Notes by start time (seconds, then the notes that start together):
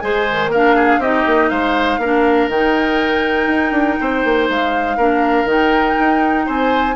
0.00 G#3 G#4 C5 G#5
0.30 D#3
0.48 A#3 A#4 F5
0.55 D4
0.76 G#4
0.99 C4 D#4 G4 D#5
1.27 A#3
1.50 G#3 C5 F5
1.98 A#3 D4 A#4
2.48 D#3 D#4 G5
3.47 D#4
3.72 D4
4.01 C4 C5
4.25 A#3
4.50 G#3 F5
4.97 A#3 D4 A#4
5.45 D#3 D#4 G5
6.00 D#4
6.46 C4 C5 G#5